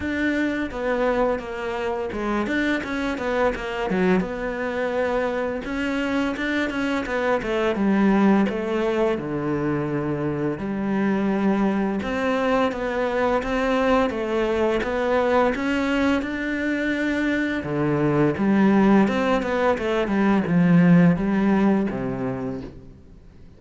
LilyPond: \new Staff \with { instrumentName = "cello" } { \time 4/4 \tempo 4 = 85 d'4 b4 ais4 gis8 d'8 | cis'8 b8 ais8 fis8 b2 | cis'4 d'8 cis'8 b8 a8 g4 | a4 d2 g4~ |
g4 c'4 b4 c'4 | a4 b4 cis'4 d'4~ | d'4 d4 g4 c'8 b8 | a8 g8 f4 g4 c4 | }